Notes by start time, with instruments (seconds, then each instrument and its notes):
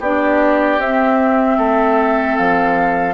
0.00 bassoon B3, clarinet D4, oboe G4, flute D5
0.78 bassoon C4, clarinet C4, flute E5
1.58 bassoon A3, oboe A4
2.37 bassoon F3, flute F5